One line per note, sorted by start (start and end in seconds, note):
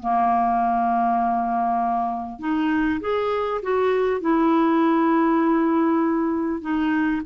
0.00 2.39 A#3
2.39 3.00 D#4
3.01 3.61 G#4
3.63 4.21 F#4
4.21 6.61 E4
6.61 7.22 D#4